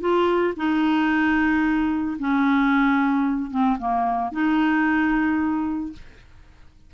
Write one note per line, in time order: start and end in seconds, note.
0.00 0.54 F4
0.57 2.17 D#4
2.19 3.51 C#4
3.51 3.77 C4
3.79 4.32 A#3
4.32 5.92 D#4